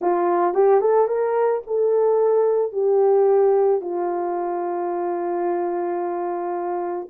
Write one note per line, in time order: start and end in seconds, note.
0.01 0.54 F4
0.54 0.81 G4
0.81 1.07 A4
1.07 1.62 A#4
1.67 2.72 A4
2.72 3.81 G4
3.81 7.08 F4